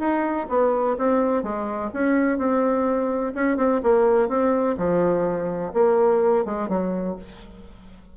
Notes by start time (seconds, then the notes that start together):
0.00 D#4
0.49 B3
0.98 C4
1.43 G#3
1.94 C#4
2.39 C4
3.35 C#4
3.57 C4
3.83 A#3
4.29 C4
4.78 F3
5.74 A#3
6.45 G#3
6.69 F#3